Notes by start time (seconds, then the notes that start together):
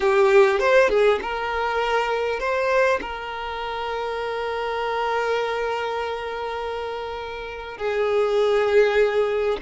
0.00 G4
0.59 C5
0.89 G#4
1.22 A#4
2.39 C5
3.01 A#4
7.77 G#4